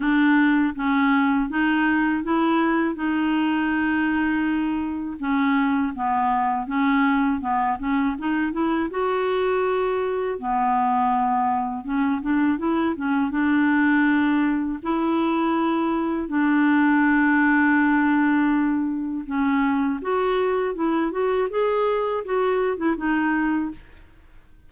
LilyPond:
\new Staff \with { instrumentName = "clarinet" } { \time 4/4 \tempo 4 = 81 d'4 cis'4 dis'4 e'4 | dis'2. cis'4 | b4 cis'4 b8 cis'8 dis'8 e'8 | fis'2 b2 |
cis'8 d'8 e'8 cis'8 d'2 | e'2 d'2~ | d'2 cis'4 fis'4 | e'8 fis'8 gis'4 fis'8. e'16 dis'4 | }